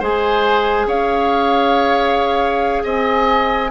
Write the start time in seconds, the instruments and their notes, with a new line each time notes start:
0.00 bassoon G#3, clarinet G#4, oboe C5, flute G#5
0.87 bassoon C#4, oboe C#5, flute F5
2.84 bassoon C4, oboe D#5, flute G#5